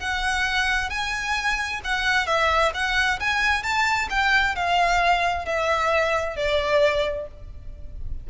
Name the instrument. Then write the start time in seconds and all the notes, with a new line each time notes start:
violin
0.00 F#5
0.90 G#5
1.85 F#5
2.27 E5
2.74 F#5
3.20 G#5
3.63 A5
4.10 G5
4.56 F5
5.46 E5
6.37 D5